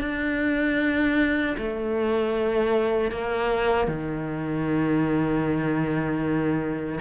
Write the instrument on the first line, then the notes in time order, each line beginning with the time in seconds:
cello
0.00 D4
1.58 A3
3.11 A#3
3.88 D#3